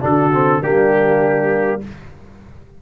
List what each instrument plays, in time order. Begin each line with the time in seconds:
0.00 tuba D3, trombone D4, horn F#4, trumpet A4
0.33 trombone C4
0.62 tuba G3, trombone A#3, horn D4, trumpet G4